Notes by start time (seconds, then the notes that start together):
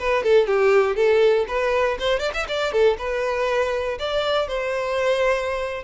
0.00 B4
0.24 A4
0.47 G4
0.96 A4
1.48 B4
2.00 C5
2.20 D5
2.34 E5
2.49 D5
2.73 A4
2.98 B4
3.99 D5
4.48 C5